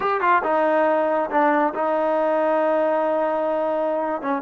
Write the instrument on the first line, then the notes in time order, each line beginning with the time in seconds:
trombone
0.00 G4
0.20 F4
0.43 D#4
1.30 D4
1.74 D#4
4.21 C#4